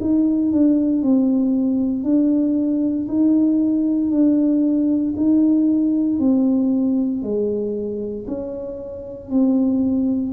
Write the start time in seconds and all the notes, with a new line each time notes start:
0.00 D#4
0.52 D4
1.02 C4
2.03 D4
3.08 D#4
4.11 D4
5.16 D#4
6.19 C4
7.22 G#3
8.27 C#4
9.30 C4